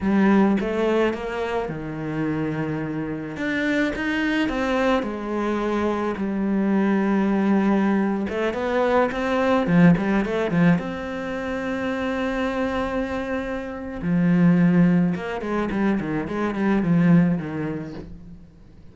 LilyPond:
\new Staff \with { instrumentName = "cello" } { \time 4/4 \tempo 4 = 107 g4 a4 ais4 dis4~ | dis2 d'4 dis'4 | c'4 gis2 g4~ | g2~ g8. a8 b8.~ |
b16 c'4 f8 g8 a8 f8 c'8.~ | c'1~ | c'4 f2 ais8 gis8 | g8 dis8 gis8 g8 f4 dis4 | }